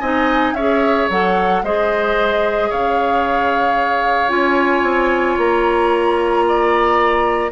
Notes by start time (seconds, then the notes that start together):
0.00 C4 D#4 D#5 G#5
0.53 C#4 G#4 C#5 E5
1.09 F#3 A4 F#5
1.63 G#3 G#4 C5 D#5
2.69 C#3 C#5 F5
4.29 C#4 F4 G#5
4.83 C4
5.37 A#3 A#5
6.48 D5